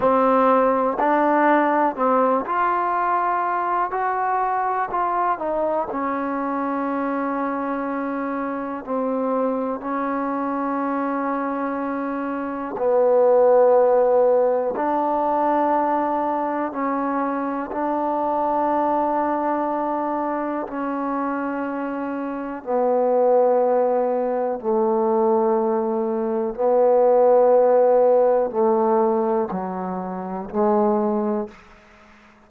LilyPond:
\new Staff \with { instrumentName = "trombone" } { \time 4/4 \tempo 4 = 61 c'4 d'4 c'8 f'4. | fis'4 f'8 dis'8 cis'2~ | cis'4 c'4 cis'2~ | cis'4 b2 d'4~ |
d'4 cis'4 d'2~ | d'4 cis'2 b4~ | b4 a2 b4~ | b4 a4 fis4 gis4 | }